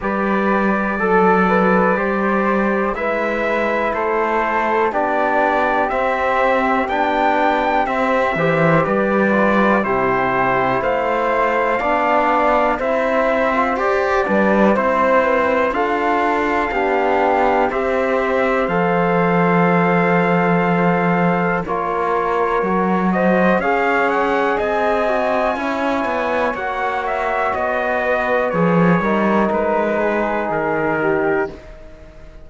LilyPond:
<<
  \new Staff \with { instrumentName = "trumpet" } { \time 4/4 \tempo 4 = 61 d''2. e''4 | c''4 d''4 e''4 g''4 | e''4 d''4 c''4 f''4~ | f''4 e''4 d''4 c''4 |
f''2 e''4 f''4~ | f''2 cis''4. dis''8 | f''8 fis''8 gis''2 fis''8 e''8 | dis''4 cis''4 b'4 ais'4 | }
  \new Staff \with { instrumentName = "flute" } { \time 4/4 b'4 a'8 b'8 c''4 b'4 | a'4 g'2.~ | g'8 c''8 b'4 g'4 c''4 | d''4 c''4. b'8 c''8 b'8 |
a'4 g'4 c''2~ | c''2 ais'4. c''8 | cis''4 dis''4 cis''2~ | cis''8 b'4 ais'4 gis'4 g'8 | }
  \new Staff \with { instrumentName = "trombone" } { \time 4/4 g'4 a'4 g'4 e'4~ | e'4 d'4 c'4 d'4 | c'8 g'4 f'8 e'2 | d'4 e'8. f'16 g'8 d'8 e'4 |
f'4 d'4 g'4 a'4~ | a'2 f'4 fis'4 | gis'4. fis'8 e'4 fis'4~ | fis'4 gis'8 dis'2~ dis'8 | }
  \new Staff \with { instrumentName = "cello" } { \time 4/4 g4 fis4 g4 gis4 | a4 b4 c'4 b4 | c'8 e8 g4 c4 a4 | b4 c'4 g'8 g8 c'4 |
d'4 b4 c'4 f4~ | f2 ais4 fis4 | cis'4 c'4 cis'8 b8 ais4 | b4 f8 g8 gis4 dis4 | }
>>